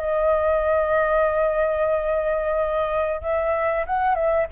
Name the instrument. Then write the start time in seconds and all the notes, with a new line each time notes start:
flute
0.00 D#5
3.21 E5
3.87 F#5
4.15 E5